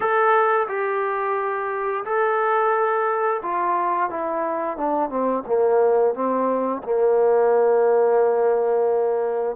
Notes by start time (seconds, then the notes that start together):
0.00 A4
0.68 G4
2.04 A4
3.42 F4
4.09 E4
4.77 D4
5.09 C4
5.46 A#3
6.14 C4
6.83 A#3